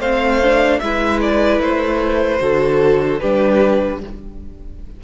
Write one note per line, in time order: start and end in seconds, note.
0.00 0.80 A3
0.00 0.43 C4
0.00 0.80 C5
0.00 0.80 F5
0.43 0.83 D4
0.80 1.60 G#3
0.80 2.39 E4
0.80 2.42 B4
0.80 1.20 E5
1.22 1.62 D5
1.60 2.40 A3
1.60 3.20 C5
2.39 3.21 D3
2.39 3.19 F#4
2.39 3.21 A4
3.20 4.04 G3
3.20 4.02 D4
3.20 4.01 G4
3.20 4.00 B4